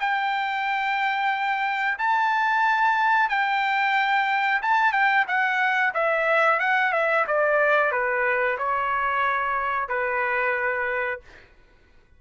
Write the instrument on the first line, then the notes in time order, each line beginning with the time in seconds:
trumpet
0.00 G5
1.99 A5
3.29 G5
4.62 A5
4.92 G5
5.27 F#5
5.94 E5
6.59 F#5
6.92 E5
7.27 D5
7.92 B4
8.58 C#5
9.88 B4